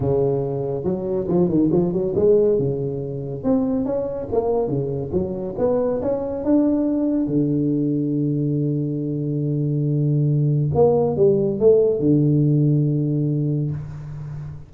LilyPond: \new Staff \with { instrumentName = "tuba" } { \time 4/4 \tempo 4 = 140 cis2 fis4 f8 dis8 | f8 fis8 gis4 cis2 | c'4 cis'4 ais4 cis4 | fis4 b4 cis'4 d'4~ |
d'4 d2.~ | d1~ | d4 ais4 g4 a4 | d1 | }